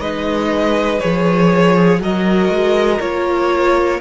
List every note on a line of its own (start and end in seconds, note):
0.00 1.00 G#3
0.00 0.99 D#4
0.00 1.75 B4
0.00 0.99 D#5
0.99 1.99 F3
0.99 1.99 G#4
0.99 1.99 C#5
1.77 2.02 G#4
1.99 2.49 F#3
1.99 2.99 F#4
1.99 4.01 A#4
1.99 3.00 D#5
2.49 2.99 G#3
3.00 4.00 A#3
3.00 4.00 F4
3.00 4.00 C#5